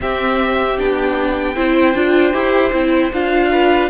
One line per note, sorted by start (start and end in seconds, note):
0.00 0.77 C4
0.00 0.79 C4
0.00 1.55 G4
0.00 0.79 E5
0.78 1.56 B3
0.78 1.55 D4
0.78 3.13 G5
1.55 1.94 C4
1.55 1.94 E4
1.55 3.50 C5
1.94 2.33 D4
1.94 2.32 F4
2.32 2.72 E4
2.32 2.71 G4
2.72 3.11 C4
2.72 3.12 E4
3.12 3.89 D4
3.12 3.89 F4
3.12 3.89 F5
3.51 3.89 B4